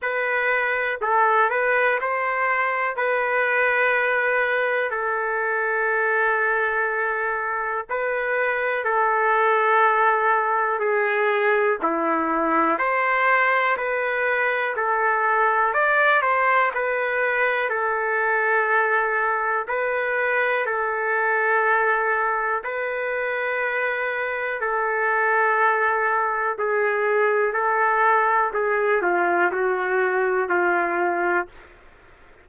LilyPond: \new Staff \with { instrumentName = "trumpet" } { \time 4/4 \tempo 4 = 61 b'4 a'8 b'8 c''4 b'4~ | b'4 a'2. | b'4 a'2 gis'4 | e'4 c''4 b'4 a'4 |
d''8 c''8 b'4 a'2 | b'4 a'2 b'4~ | b'4 a'2 gis'4 | a'4 gis'8 f'8 fis'4 f'4 | }